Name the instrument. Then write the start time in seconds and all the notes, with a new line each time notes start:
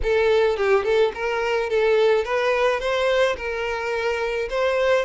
violin
0.02 A4
0.57 G4
0.84 A4
1.14 A#4
1.69 A4
2.24 B4
2.80 C5
3.36 A#4
4.49 C5